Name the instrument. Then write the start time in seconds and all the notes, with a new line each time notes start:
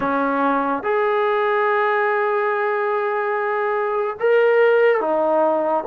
trombone
0.00 C#4
0.83 G#4
4.19 A#4
5.00 D#4